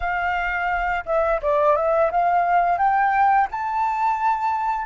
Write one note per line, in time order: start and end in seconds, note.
0.00 1.04 F5
1.05 1.40 E5
1.42 1.76 D5
1.76 2.11 E5
2.11 2.77 F5
2.77 3.47 G5
3.51 4.86 A5